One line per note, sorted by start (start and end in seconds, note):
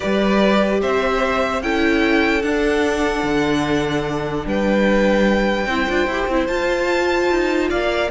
0.00 0.82 G3
0.00 1.62 G4
0.00 0.80 B4
0.00 0.81 D5
0.81 1.62 C4
0.81 1.62 C5
0.81 1.62 E5
1.62 2.43 C#4
1.62 2.42 E4
1.62 4.46 A4
1.62 2.42 G5
2.42 5.66 D4
2.42 3.23 D4
2.42 4.45 F#5
3.23 4.44 D3
4.45 5.67 G3
4.45 5.67 B4
4.45 6.46 G5
5.67 5.87 C4
5.67 5.88 E4
5.67 7.70 C5
5.88 6.06 D4
5.88 6.08 F4
6.06 6.26 E4
6.06 6.30 G4
6.27 6.47 C4
6.27 6.48 E4
6.46 8.10 F4
6.46 7.29 F4
6.46 7.68 A5
7.30 7.71 D#4
7.70 8.10 A#3
7.70 8.10 D5
7.70 8.10 F5